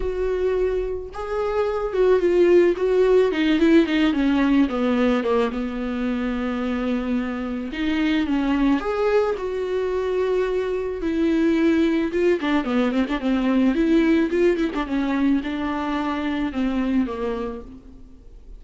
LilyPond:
\new Staff \with { instrumentName = "viola" } { \time 4/4 \tempo 4 = 109 fis'2 gis'4. fis'8 | f'4 fis'4 dis'8 e'8 dis'8 cis'8~ | cis'8 b4 ais8 b2~ | b2 dis'4 cis'4 |
gis'4 fis'2. | e'2 f'8 d'8 b8 c'16 d'16 | c'4 e'4 f'8 e'16 d'16 cis'4 | d'2 c'4 ais4 | }